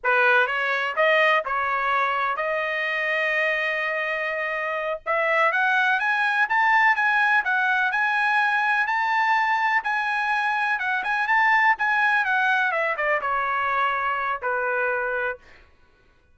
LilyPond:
\new Staff \with { instrumentName = "trumpet" } { \time 4/4 \tempo 4 = 125 b'4 cis''4 dis''4 cis''4~ | cis''4 dis''2.~ | dis''2~ dis''8 e''4 fis''8~ | fis''8 gis''4 a''4 gis''4 fis''8~ |
fis''8 gis''2 a''4.~ | a''8 gis''2 fis''8 gis''8 a''8~ | a''8 gis''4 fis''4 e''8 d''8 cis''8~ | cis''2 b'2 | }